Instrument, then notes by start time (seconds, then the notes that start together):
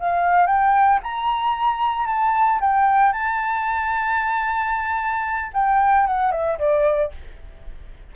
flute
0.00 F5
0.47 G5
1.03 A#5
2.07 A5
2.61 G5
3.13 A5
5.54 G5
6.07 F#5
6.32 E5
6.59 D5